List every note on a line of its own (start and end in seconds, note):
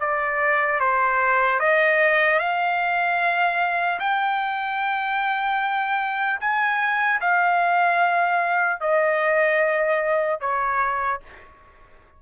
0.00 0.80 D5
0.80 1.59 C5
1.59 2.39 D#5
2.39 3.99 F5
4.00 6.40 G5
6.40 7.20 G#5
7.21 8.80 F5
8.80 10.40 D#5
10.40 11.20 C#5